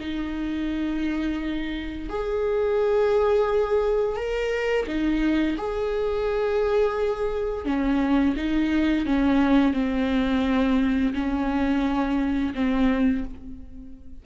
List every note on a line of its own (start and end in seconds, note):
0.00 2.09 D#4
2.09 4.16 G#4
4.16 4.86 A#4
4.87 5.57 D#4
5.58 7.65 G#4
7.65 8.35 C#4
8.36 9.06 D#4
9.06 9.74 C#4
9.74 11.13 C4
11.14 12.53 C#4
12.55 13.24 C4